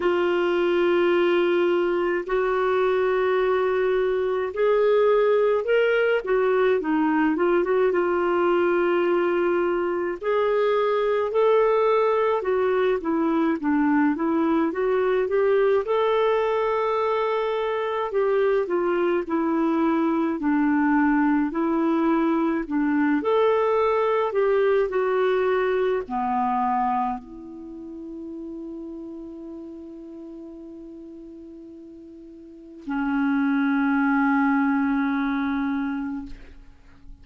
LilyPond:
\new Staff \with { instrumentName = "clarinet" } { \time 4/4 \tempo 4 = 53 f'2 fis'2 | gis'4 ais'8 fis'8 dis'8 f'16 fis'16 f'4~ | f'4 gis'4 a'4 fis'8 e'8 | d'8 e'8 fis'8 g'8 a'2 |
g'8 f'8 e'4 d'4 e'4 | d'8 a'4 g'8 fis'4 b4 | e'1~ | e'4 cis'2. | }